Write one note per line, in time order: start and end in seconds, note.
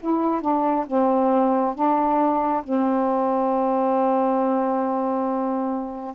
0.00 0.41 E4
0.41 0.85 D4
0.86 1.74 C4
1.74 2.63 D4
2.63 6.14 C4